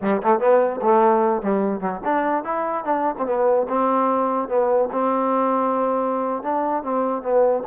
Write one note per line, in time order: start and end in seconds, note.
0.01 0.22 G3
0.22 0.39 A3
0.39 0.80 B3
0.82 1.42 A3
1.42 1.80 G3
1.80 2.00 F#3
2.04 2.44 D4
2.44 2.84 E4
2.84 3.15 D4
3.17 3.26 C4
3.26 3.66 B3
3.68 4.48 C4
4.48 4.89 B3
4.91 6.42 C4
6.42 6.83 D4
6.83 7.22 C4
7.22 7.63 B3